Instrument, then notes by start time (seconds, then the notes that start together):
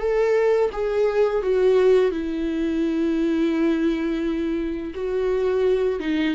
viola
0.00 A4
0.73 G#4
1.43 F#4
2.12 E4
4.95 F#4
6.00 D#4